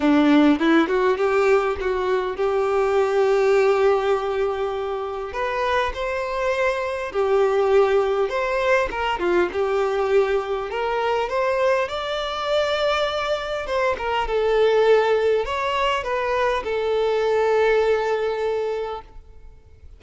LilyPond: \new Staff \with { instrumentName = "violin" } { \time 4/4 \tempo 4 = 101 d'4 e'8 fis'8 g'4 fis'4 | g'1~ | g'4 b'4 c''2 | g'2 c''4 ais'8 f'8 |
g'2 ais'4 c''4 | d''2. c''8 ais'8 | a'2 cis''4 b'4 | a'1 | }